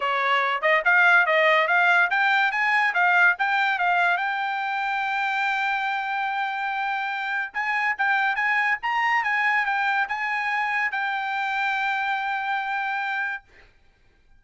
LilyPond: \new Staff \with { instrumentName = "trumpet" } { \time 4/4 \tempo 4 = 143 cis''4. dis''8 f''4 dis''4 | f''4 g''4 gis''4 f''4 | g''4 f''4 g''2~ | g''1~ |
g''2 gis''4 g''4 | gis''4 ais''4 gis''4 g''4 | gis''2 g''2~ | g''1 | }